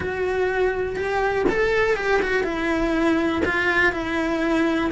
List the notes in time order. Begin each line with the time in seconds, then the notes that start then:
0.00 F#4
0.96 G4
1.49 A4
1.96 G4
2.21 F#4
2.43 E4
3.45 F4
3.92 E4